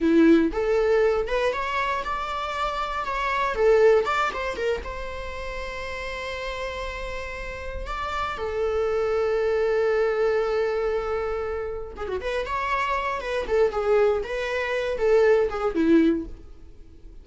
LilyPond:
\new Staff \with { instrumentName = "viola" } { \time 4/4 \tempo 4 = 118 e'4 a'4. b'8 cis''4 | d''2 cis''4 a'4 | d''8 c''8 ais'8 c''2~ c''8~ | c''2.~ c''8 d''8~ |
d''8 a'2.~ a'8~ | a'2.~ a'8 gis'16 fis'16 | b'8 cis''4. b'8 a'8 gis'4 | b'4. a'4 gis'8 e'4 | }